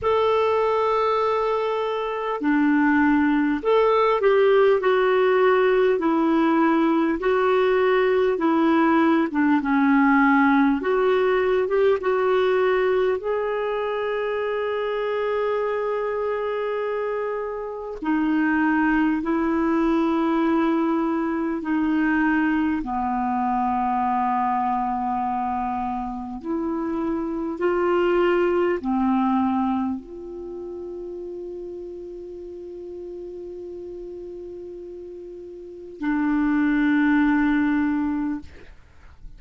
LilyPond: \new Staff \with { instrumentName = "clarinet" } { \time 4/4 \tempo 4 = 50 a'2 d'4 a'8 g'8 | fis'4 e'4 fis'4 e'8. d'16 | cis'4 fis'8. g'16 fis'4 gis'4~ | gis'2. dis'4 |
e'2 dis'4 b4~ | b2 e'4 f'4 | c'4 f'2.~ | f'2 d'2 | }